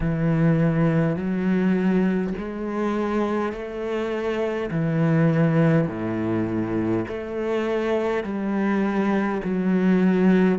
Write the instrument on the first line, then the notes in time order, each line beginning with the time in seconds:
cello
0.00 E3
1.16 F#3
2.38 G#3
3.52 A3
4.71 E3
5.88 A2
7.07 A3
8.24 G3
9.44 F#3